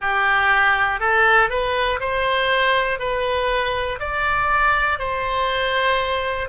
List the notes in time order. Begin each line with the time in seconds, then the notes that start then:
0.01 G4
1.00 A4
1.50 B4
2.00 C5
2.99 B4
4.00 D5
4.99 C5